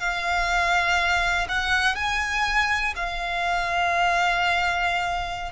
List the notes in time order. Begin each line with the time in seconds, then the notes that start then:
0.00 F5
1.49 F#5
1.96 G#5
2.96 F5